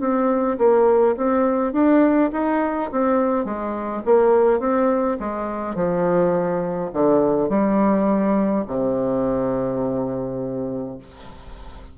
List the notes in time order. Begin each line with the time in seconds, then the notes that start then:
0.00 C4
0.58 A#3
1.16 C4
1.73 D4
2.32 D#4
2.92 C4
3.45 G#3
4.05 A#3
4.59 C4
5.20 G#3
5.75 F3
6.93 D3
7.49 G3
8.67 C3